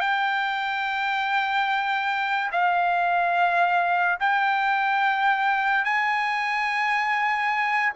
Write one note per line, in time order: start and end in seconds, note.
0.00 2.50 G5
2.52 4.18 F5
4.19 5.84 G5
5.84 7.92 G#5